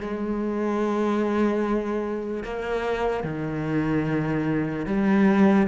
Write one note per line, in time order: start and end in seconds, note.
0.00 2.43 G#3
2.43 3.24 A#3
3.24 4.86 D#3
4.86 5.67 G3